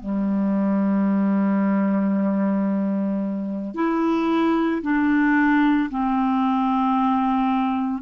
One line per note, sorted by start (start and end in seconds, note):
0.00 3.75 G3
3.75 4.82 E4
4.83 5.90 D4
5.90 8.03 C4